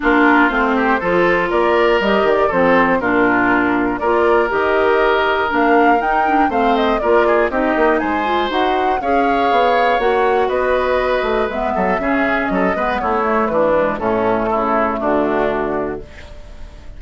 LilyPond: <<
  \new Staff \with { instrumentName = "flute" } { \time 4/4 \tempo 4 = 120 ais'4 c''2 d''4 | dis''8 d''8 c''4 ais'2 | d''4 dis''2 f''4 | g''4 f''8 dis''8 d''4 dis''4 |
gis''4 fis''4 f''2 | fis''4 dis''2 e''4~ | e''4 dis''4 cis''4 b'4 | a'2 fis'2 | }
  \new Staff \with { instrumentName = "oboe" } { \time 4/4 f'4. g'8 a'4 ais'4~ | ais'4 a'4 f'2 | ais'1~ | ais'4 c''4 ais'8 gis'8 g'4 |
c''2 cis''2~ | cis''4 b'2~ b'8 a'8 | gis'4 a'8 b'8 e'4 d'4 | cis'4 e'4 d'2 | }
  \new Staff \with { instrumentName = "clarinet" } { \time 4/4 d'4 c'4 f'2 | g'4 c'4 d'2 | f'4 g'2 d'4 | dis'8 d'8 c'4 f'4 dis'4~ |
dis'8 f'8 fis'4 gis'2 | fis'2. b4 | cis'4. b4 a4 gis8 | a1 | }
  \new Staff \with { instrumentName = "bassoon" } { \time 4/4 ais4 a4 f4 ais4 | g8 dis8 f4 ais,2 | ais4 dis2 ais4 | dis'4 a4 ais4 c'8 ais8 |
gis4 dis'4 cis'4 b4 | ais4 b4. a8 gis8 fis8 | cis4 fis8 gis8 a4 e4 | a,4 cis4 d2 | }
>>